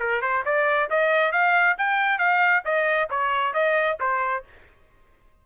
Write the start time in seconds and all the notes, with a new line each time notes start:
0.00 A#4
0.22 C5
0.45 D5
0.90 D#5
1.32 F5
1.78 G5
2.19 F5
2.65 D#5
3.10 C#5
3.54 D#5
4.00 C5